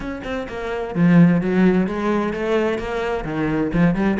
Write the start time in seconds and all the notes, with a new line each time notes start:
0.00 C#4
0.24 C4
0.48 A#3
0.94 F3
1.41 F#3
1.86 G#3
2.33 A3
2.78 A#3
3.24 D#3
3.73 F3
3.94 G3